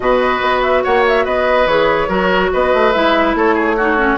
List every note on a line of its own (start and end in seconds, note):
0.00 0.41 B2
0.00 1.68 F#4
0.00 0.83 B4
0.00 0.62 D#5
0.41 0.83 B3
0.62 0.83 E5
0.83 1.25 A#3
0.83 1.24 C#5
0.83 1.04 F#5
1.08 1.25 E5
1.24 1.66 B3
1.24 2.08 B4
1.24 1.67 D#5
1.66 2.08 E3
1.66 2.09 G#4
1.66 2.51 C#5
2.08 2.50 F#3
2.08 2.92 F#4
2.08 2.50 A#4
2.53 2.73 B3
2.53 3.36 B4
2.53 2.92 D#5
2.73 2.94 A3
2.92 3.34 G#3
2.92 3.78 E4
2.92 3.34 E5
3.34 4.18 A3
3.34 3.54 A4
3.34 4.18 C#5
3.54 3.75 G#4
3.76 3.97 D#4
3.76 4.18 F#4
3.97 4.18 C#4